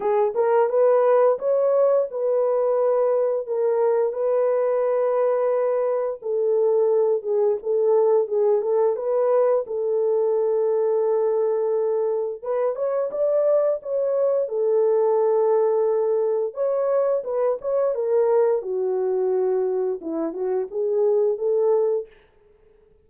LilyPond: \new Staff \with { instrumentName = "horn" } { \time 4/4 \tempo 4 = 87 gis'8 ais'8 b'4 cis''4 b'4~ | b'4 ais'4 b'2~ | b'4 a'4. gis'8 a'4 | gis'8 a'8 b'4 a'2~ |
a'2 b'8 cis''8 d''4 | cis''4 a'2. | cis''4 b'8 cis''8 ais'4 fis'4~ | fis'4 e'8 fis'8 gis'4 a'4 | }